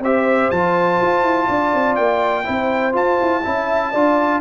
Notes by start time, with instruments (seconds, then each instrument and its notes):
0.00 tuba C4, trombone G4, horn C5, trumpet E5
0.50 tuba F3, trombone F4, trumpet A5
1.01 tuba F4
1.23 tuba E4
1.47 tuba D4, horn D5
1.74 tuba C4
1.95 tuba A#3, trumpet G5
2.44 tuba C4, trombone E4, horn C5
2.92 trombone F4, tuba F4, trumpet A5
3.21 tuba E4
3.45 tuba C#4, trombone E4, horn E5
3.92 tuba D4, trombone F4, horn D5